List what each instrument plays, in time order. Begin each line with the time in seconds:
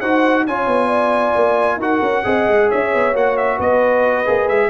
0.00 tuba D#4, trombone F#4, horn C5, trumpet F#5
0.46 tuba C#4, trombone F4, horn C#5, trumpet G#5
0.67 tuba B3
0.87 horn D5
1.36 tuba A#3
1.77 tuba D#4, trombone F#4, horn A#4, trumpet F#5
2.02 tuba C#4
2.24 tuba C4, trombone G#4, horn D#5
2.48 tuba G#3
2.69 tuba C#4, horn C#5, trumpet E5
2.94 tuba B3
3.14 tuba A#3, trombone F#4, trumpet F#5
3.37 trumpet E5
3.57 tuba B3, horn B4, trumpet D#5
4.26 tuba A#3, trombone G#4
4.49 tuba G#3, trumpet E5